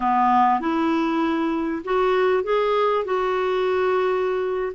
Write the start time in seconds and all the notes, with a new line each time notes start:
0.00 B3
0.60 E4
1.84 F#4
2.43 G#4
3.04 F#4